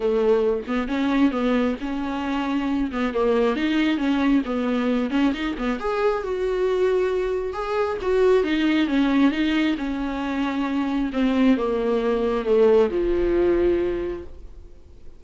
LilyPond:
\new Staff \with { instrumentName = "viola" } { \time 4/4 \tempo 4 = 135 a4. b8 cis'4 b4 | cis'2~ cis'8 b8 ais4 | dis'4 cis'4 b4. cis'8 | dis'8 b8 gis'4 fis'2~ |
fis'4 gis'4 fis'4 dis'4 | cis'4 dis'4 cis'2~ | cis'4 c'4 ais2 | a4 f2. | }